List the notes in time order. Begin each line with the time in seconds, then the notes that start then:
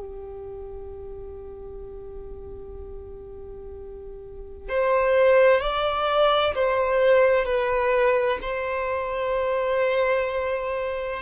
0.00 G4
4.69 C5
5.61 D5
6.55 C5
7.45 B4
8.42 C5